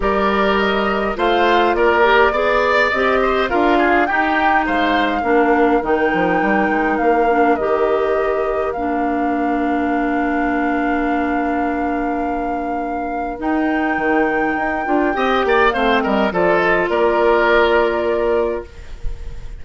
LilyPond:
<<
  \new Staff \with { instrumentName = "flute" } { \time 4/4 \tempo 4 = 103 d''4 dis''4 f''4 d''4~ | d''4 dis''4 f''4 g''4 | f''2 g''2 | f''4 dis''2 f''4~ |
f''1~ | f''2. g''4~ | g''2. f''8 dis''8 | d''8 dis''8 d''2. | }
  \new Staff \with { instrumentName = "oboe" } { \time 4/4 ais'2 c''4 ais'4 | d''4. c''8 ais'8 gis'8 g'4 | c''4 ais'2.~ | ais'1~ |
ais'1~ | ais'1~ | ais'2 dis''8 d''8 c''8 ais'8 | a'4 ais'2. | }
  \new Staff \with { instrumentName = "clarinet" } { \time 4/4 g'2 f'4. g'8 | gis'4 g'4 f'4 dis'4~ | dis'4 d'4 dis'2~ | dis'8 d'8 g'2 d'4~ |
d'1~ | d'2. dis'4~ | dis'4. f'8 g'4 c'4 | f'1 | }
  \new Staff \with { instrumentName = "bassoon" } { \time 4/4 g2 a4 ais4 | b4 c'4 d'4 dis'4 | gis4 ais4 dis8 f8 g8 gis8 | ais4 dis2 ais4~ |
ais1~ | ais2. dis'4 | dis4 dis'8 d'8 c'8 ais8 a8 g8 | f4 ais2. | }
>>